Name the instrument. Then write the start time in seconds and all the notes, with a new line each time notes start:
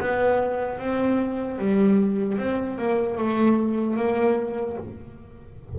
double bass
0.00 B3
0.79 C4
1.59 G3
2.39 C4
2.79 A#3
3.18 A3
3.97 A#3